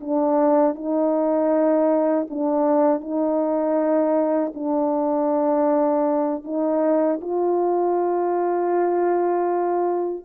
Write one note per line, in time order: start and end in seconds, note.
0.00 0.75 D4
0.75 2.27 D#4
2.30 3.00 D4
3.00 4.52 D#4
4.54 6.43 D4
6.43 7.19 D#4
7.21 10.25 F4